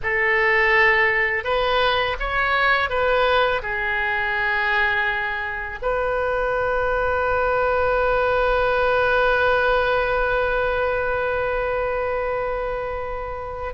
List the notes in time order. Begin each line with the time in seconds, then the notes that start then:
0.02 A4
1.44 B4
2.19 C#5
2.89 B4
3.62 G#4
5.82 B4